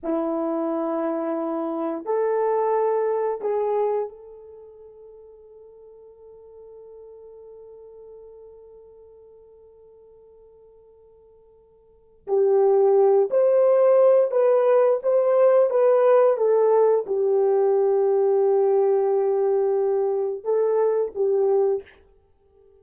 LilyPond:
\new Staff \with { instrumentName = "horn" } { \time 4/4 \tempo 4 = 88 e'2. a'4~ | a'4 gis'4 a'2~ | a'1~ | a'1~ |
a'2 g'4. c''8~ | c''4 b'4 c''4 b'4 | a'4 g'2.~ | g'2 a'4 g'4 | }